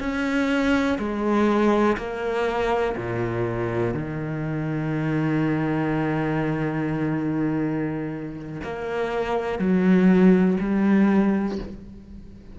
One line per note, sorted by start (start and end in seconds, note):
0.00 0.98 C#4
0.99 1.97 G#3
1.98 2.96 A#3
2.97 3.94 A#2
3.94 8.61 D#3
8.64 9.59 A#3
9.59 10.57 F#3
10.61 11.59 G3